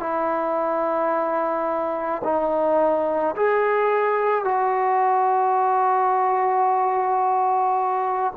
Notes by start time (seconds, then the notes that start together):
0.00 E4
2.24 D#4
3.36 G#4
4.44 F#4